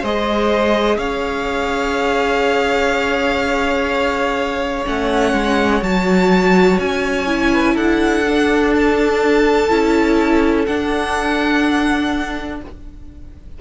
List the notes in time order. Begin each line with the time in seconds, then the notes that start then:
0.00 G#3 G#4 C5 D#5
0.97 C#4 C#5 F5
4.85 A3 C#4 F#5
5.33 G#3
5.82 F#3 F#4 A5
6.79 C#4 G#5
7.27 E4
7.53 B4
7.74 D4 A4 F#5
8.27 D4
8.74 A5
9.69 C#4 E4
10.66 D4 F#5